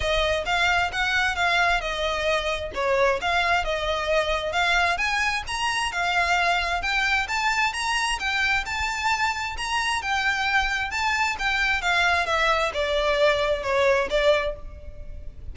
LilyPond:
\new Staff \with { instrumentName = "violin" } { \time 4/4 \tempo 4 = 132 dis''4 f''4 fis''4 f''4 | dis''2 cis''4 f''4 | dis''2 f''4 gis''4 | ais''4 f''2 g''4 |
a''4 ais''4 g''4 a''4~ | a''4 ais''4 g''2 | a''4 g''4 f''4 e''4 | d''2 cis''4 d''4 | }